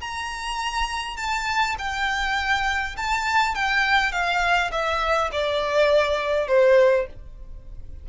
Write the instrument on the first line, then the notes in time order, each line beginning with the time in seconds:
violin
0.00 A#5
1.17 A5
1.78 G5
2.97 A5
3.54 G5
4.12 F5
4.71 E5
5.32 D5
6.47 C5